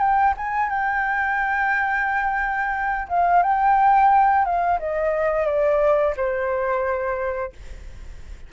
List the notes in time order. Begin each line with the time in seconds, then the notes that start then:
0.00 G5
0.37 G#5
0.70 G5
3.09 F5
3.43 G5
4.45 F5
4.80 D#5
5.46 D5
6.17 C5